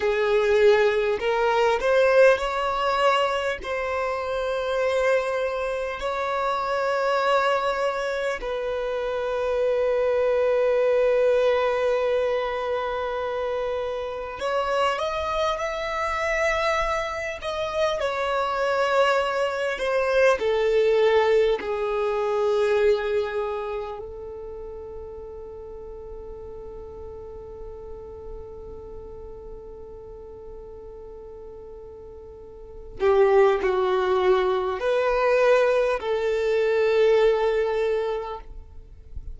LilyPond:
\new Staff \with { instrumentName = "violin" } { \time 4/4 \tempo 4 = 50 gis'4 ais'8 c''8 cis''4 c''4~ | c''4 cis''2 b'4~ | b'1 | cis''8 dis''8 e''4. dis''8 cis''4~ |
cis''8 c''8 a'4 gis'2 | a'1~ | a'2.~ a'8 g'8 | fis'4 b'4 a'2 | }